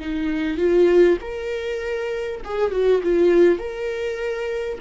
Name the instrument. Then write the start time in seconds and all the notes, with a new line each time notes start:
viola
0.00 D#4
0.58 F4
1.22 A#4
2.45 G#4
2.72 F#4
3.04 F4
3.59 A#4